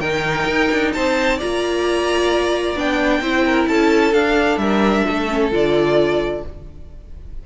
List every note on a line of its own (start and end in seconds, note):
0.00 0.46 D#3
0.00 1.40 D#4
0.00 0.93 A#4
0.00 0.92 G5
0.47 0.70 D#4
0.72 0.95 D4
0.93 1.41 C4
0.93 1.37 C5
0.93 1.39 A5
1.37 2.76 F4
1.37 3.20 D5
1.37 2.78 A#5
1.43 2.76 A#3
2.76 3.21 B3
2.76 3.22 D4
2.76 3.68 G5
3.21 3.67 C4
3.21 4.14 E4
3.21 3.44 C5
3.46 3.69 A#4
3.68 4.14 C#4
3.68 4.60 A4
3.68 4.14 A5
4.14 5.28 D4
4.14 4.57 D4
4.14 4.58 F5
4.57 5.03 G3
4.57 5.06 A#4
4.57 5.49 E5
5.06 5.52 A3
5.06 6.44 A4
5.29 5.51 C#4
5.51 6.43 D3
5.51 6.43 F4
5.51 6.46 D5